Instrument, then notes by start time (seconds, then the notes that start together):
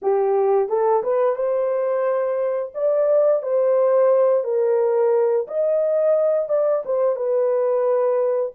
horn
0.02 G4
0.68 A4
1.03 B4
1.35 C5
2.74 D5
3.42 C5
4.44 A#4
5.47 D#5
6.49 D5
6.85 C5
7.16 B4